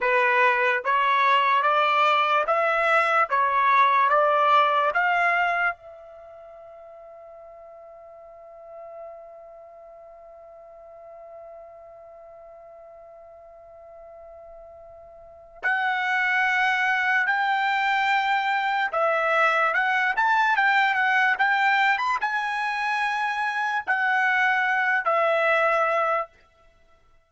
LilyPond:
\new Staff \with { instrumentName = "trumpet" } { \time 4/4 \tempo 4 = 73 b'4 cis''4 d''4 e''4 | cis''4 d''4 f''4 e''4~ | e''1~ | e''1~ |
e''2. fis''4~ | fis''4 g''2 e''4 | fis''8 a''8 g''8 fis''8 g''8. b''16 gis''4~ | gis''4 fis''4. e''4. | }